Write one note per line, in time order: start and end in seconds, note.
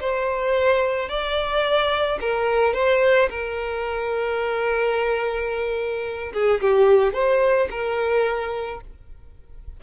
0.00 1.09 C5
1.09 2.19 D5
2.20 2.73 A#4
2.73 3.29 C5
3.30 6.32 A#4
6.33 6.60 G#4
6.61 7.13 G4
7.13 7.68 C5
7.70 8.80 A#4